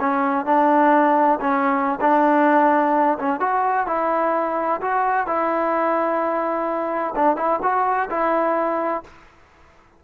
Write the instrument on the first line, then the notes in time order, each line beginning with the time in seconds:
trombone
0.00 C#4
0.45 D4
1.41 C#4
2.01 D4
3.19 C#4
3.40 F#4
3.87 E4
4.81 F#4
5.27 E4
7.15 D4
7.36 E4
7.62 F#4
8.10 E4